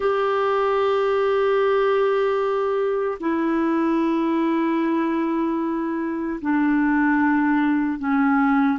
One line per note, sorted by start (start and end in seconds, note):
0.00 3.18 G4
3.20 6.40 E4
6.41 7.99 D4
7.99 8.79 C#4